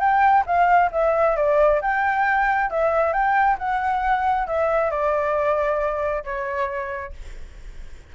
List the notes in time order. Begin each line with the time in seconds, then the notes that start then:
0.00 G5
0.46 F5
0.92 E5
1.37 D5
1.82 G5
2.70 E5
3.13 G5
3.59 F#5
4.47 E5
4.91 D5
6.24 C#5